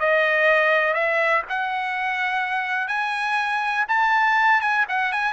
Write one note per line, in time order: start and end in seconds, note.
0.00 0.94 D#5
0.94 1.43 E5
1.49 2.88 F#5
2.88 3.86 G#5
3.88 4.61 A5
4.61 4.86 G#5
4.89 5.12 F#5
5.12 5.33 G#5